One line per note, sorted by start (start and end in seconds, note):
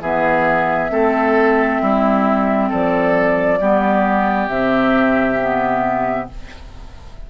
0.00 0.90 E3
0.00 0.89 B3
0.00 0.90 G#4
0.00 2.71 E5
0.89 1.79 A3
0.89 3.58 C4
0.89 1.81 A4
1.81 2.71 G3
1.81 2.69 E4
2.69 3.60 F3
2.69 3.58 A4
2.69 4.47 D5
3.60 4.48 G3
3.60 4.49 B3
3.60 6.29 G4
4.47 6.27 C3
4.47 5.39 C4
4.47 6.26 E5
5.40 6.30 B3